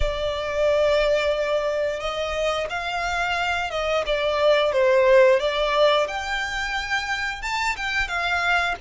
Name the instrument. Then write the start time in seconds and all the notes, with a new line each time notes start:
violin
0.00 D5
1.99 D#5
2.69 F5
3.70 D#5
4.06 D5
4.72 C5
5.39 D5
6.07 G5
7.42 A5
7.76 G5
8.07 F5